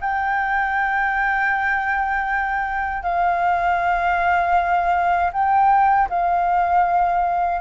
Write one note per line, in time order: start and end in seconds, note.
0.00 3.03 G5
3.03 5.31 F5
5.32 6.08 G5
6.09 7.61 F5